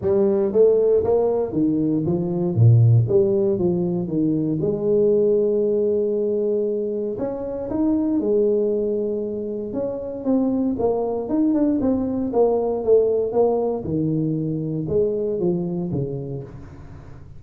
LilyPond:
\new Staff \with { instrumentName = "tuba" } { \time 4/4 \tempo 4 = 117 g4 a4 ais4 dis4 | f4 ais,4 g4 f4 | dis4 gis2.~ | gis2 cis'4 dis'4 |
gis2. cis'4 | c'4 ais4 dis'8 d'8 c'4 | ais4 a4 ais4 dis4~ | dis4 gis4 f4 cis4 | }